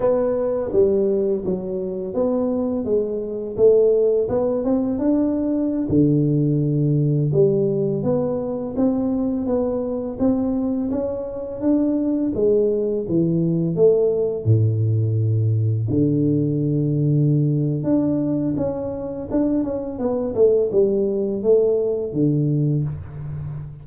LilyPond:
\new Staff \with { instrumentName = "tuba" } { \time 4/4 \tempo 4 = 84 b4 g4 fis4 b4 | gis4 a4 b8 c'8 d'4~ | d'16 d2 g4 b8.~ | b16 c'4 b4 c'4 cis'8.~ |
cis'16 d'4 gis4 e4 a8.~ | a16 a,2 d4.~ d16~ | d4 d'4 cis'4 d'8 cis'8 | b8 a8 g4 a4 d4 | }